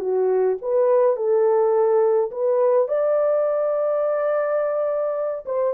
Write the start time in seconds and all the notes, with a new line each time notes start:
0.00 F#4
0.61 B4
1.16 A4
2.31 B4
2.88 D5
5.45 C5